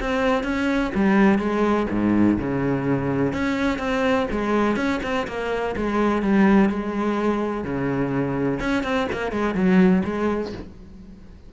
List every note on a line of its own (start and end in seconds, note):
0.00 0.44 C4
0.44 0.92 C#4
0.95 1.39 G3
1.39 1.87 G#3
1.90 2.38 G#2
2.39 3.33 C#3
3.33 3.79 C#4
3.79 4.27 C4
4.31 4.77 G#3
4.77 5.01 C#4
5.03 5.27 C4
5.28 5.76 A#3
5.76 6.22 G#3
6.22 6.70 G3
6.70 7.64 G#3
7.64 8.60 C#3
8.60 8.83 C#4
8.83 9.07 C4
9.12 9.32 A#3
9.32 9.55 G#3
9.55 10.03 F#3
10.05 10.53 G#3